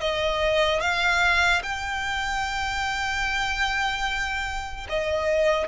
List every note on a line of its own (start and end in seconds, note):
0.00 0.80 D#5
0.80 1.61 F5
1.63 4.87 G5
4.89 5.68 D#5